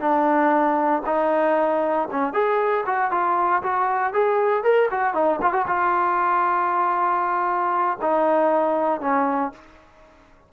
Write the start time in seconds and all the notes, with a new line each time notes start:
0.00 D4
1.06 D#4
2.11 C#4
2.33 G#4
2.86 F#4
3.11 F4
3.63 F#4
4.13 G#4
4.64 A#4
4.91 F#4
5.14 D#4
5.41 F4
5.53 F#4
5.67 F4
8.01 D#4
9.01 C#4